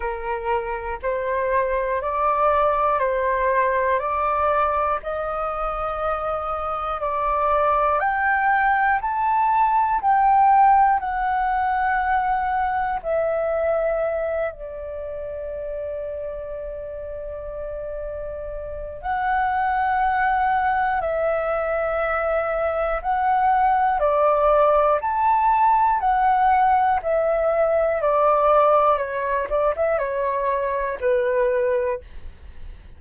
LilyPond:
\new Staff \with { instrumentName = "flute" } { \time 4/4 \tempo 4 = 60 ais'4 c''4 d''4 c''4 | d''4 dis''2 d''4 | g''4 a''4 g''4 fis''4~ | fis''4 e''4. d''4.~ |
d''2. fis''4~ | fis''4 e''2 fis''4 | d''4 a''4 fis''4 e''4 | d''4 cis''8 d''16 e''16 cis''4 b'4 | }